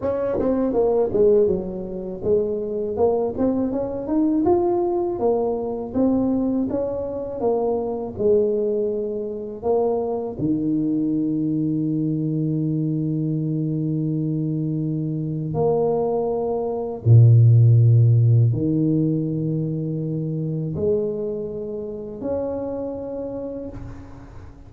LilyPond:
\new Staff \with { instrumentName = "tuba" } { \time 4/4 \tempo 4 = 81 cis'8 c'8 ais8 gis8 fis4 gis4 | ais8 c'8 cis'8 dis'8 f'4 ais4 | c'4 cis'4 ais4 gis4~ | gis4 ais4 dis2~ |
dis1~ | dis4 ais2 ais,4~ | ais,4 dis2. | gis2 cis'2 | }